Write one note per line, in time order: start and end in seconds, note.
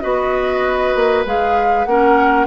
0.00 0.95 B3
0.00 1.24 F#4
0.00 1.88 B4
0.00 1.24 D#5
0.95 1.25 A#3
1.25 1.85 G#3
1.25 1.87 G#4
1.25 1.84 F5
1.84 2.46 A#3
1.84 2.46 C#4
1.84 2.46 A#4
1.84 2.46 F#5